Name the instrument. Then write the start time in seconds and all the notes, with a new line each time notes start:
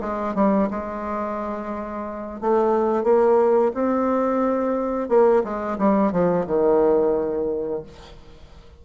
bassoon
0.00 G#3
0.34 G3
0.70 G#3
2.40 A3
3.03 A#3
3.73 C4
5.08 A#3
5.44 G#3
5.78 G3
6.11 F3
6.46 D#3